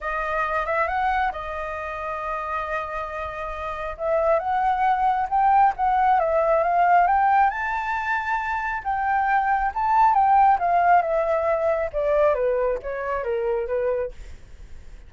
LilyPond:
\new Staff \with { instrumentName = "flute" } { \time 4/4 \tempo 4 = 136 dis''4. e''8 fis''4 dis''4~ | dis''1~ | dis''4 e''4 fis''2 | g''4 fis''4 e''4 f''4 |
g''4 a''2. | g''2 a''4 g''4 | f''4 e''2 d''4 | b'4 cis''4 ais'4 b'4 | }